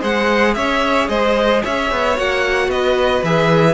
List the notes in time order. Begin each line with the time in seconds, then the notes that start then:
0.00 G#3 G#4 C5 F#5
0.54 C#4 C#5 E5
1.08 G#3 C5 D#5
1.62 C#4 C#5 E5
1.91 B3
2.17 A#3 F#4 F#5
2.68 B3 B4 D#5
3.23 E3 G#4 E5